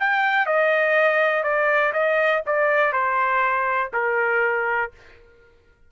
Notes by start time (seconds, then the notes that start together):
0.00 G5
0.46 D#5
1.44 D5
1.93 D#5
2.46 D5
2.93 C5
3.93 A#4